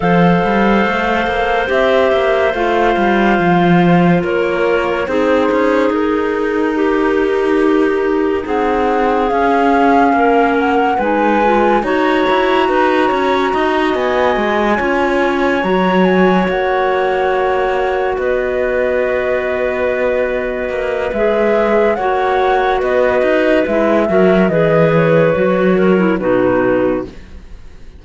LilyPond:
<<
  \new Staff \with { instrumentName = "flute" } { \time 4/4 \tempo 4 = 71 f''2 e''4 f''4~ | f''4 cis''4 c''4 ais'4~ | ais'2 fis''4 f''4~ | f''8 fis''8 gis''4 ais''2~ |
ais''8 gis''2 ais''8 gis''8 fis''8~ | fis''4. dis''2~ dis''8~ | dis''4 e''4 fis''4 dis''4 | e''4 dis''8 cis''4. b'4 | }
  \new Staff \with { instrumentName = "clarinet" } { \time 4/4 c''1~ | c''4 ais'4 gis'2 | g'2 gis'2 | ais'4 b'4 cis''4 b'8 cis''8 |
dis''4. cis''2~ cis''8~ | cis''4. b'2~ b'8~ | b'2 cis''4 b'4~ | b'8 ais'8 b'4. ais'8 fis'4 | }
  \new Staff \with { instrumentName = "clarinet" } { \time 4/4 a'2 g'4 f'4~ | f'2 dis'2~ | dis'2. cis'4~ | cis'4 dis'8 f'8 fis'2~ |
fis'4. f'4 fis'4.~ | fis'1~ | fis'4 gis'4 fis'2 | e'8 fis'8 gis'4 fis'8. e'16 dis'4 | }
  \new Staff \with { instrumentName = "cello" } { \time 4/4 f8 g8 a8 ais8 c'8 ais8 a8 g8 | f4 ais4 c'8 cis'8 dis'4~ | dis'2 c'4 cis'4 | ais4 gis4 dis'8 e'8 dis'8 cis'8 |
dis'8 b8 gis8 cis'4 fis4 ais8~ | ais4. b2~ b8~ | b8 ais8 gis4 ais4 b8 dis'8 | gis8 fis8 e4 fis4 b,4 | }
>>